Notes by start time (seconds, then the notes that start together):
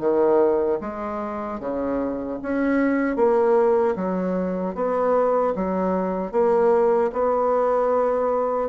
0.00 D#3
0.81 G#3
1.60 C#3
2.42 C#4
3.16 A#3
3.96 F#3
4.75 B3
5.56 F#3
6.32 A#3
7.13 B3